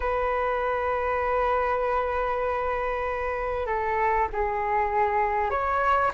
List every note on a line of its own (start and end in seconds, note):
0.00 3.66 B4
3.66 4.27 A4
4.32 5.50 G#4
5.50 6.11 C#5